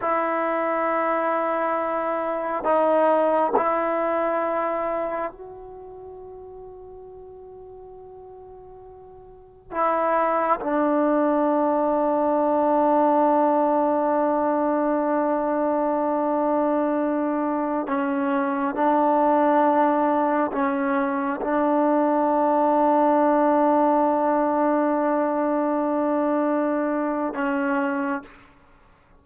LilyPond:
\new Staff \with { instrumentName = "trombone" } { \time 4/4 \tempo 4 = 68 e'2. dis'4 | e'2 fis'2~ | fis'2. e'4 | d'1~ |
d'1~ | d'16 cis'4 d'2 cis'8.~ | cis'16 d'2.~ d'8.~ | d'2. cis'4 | }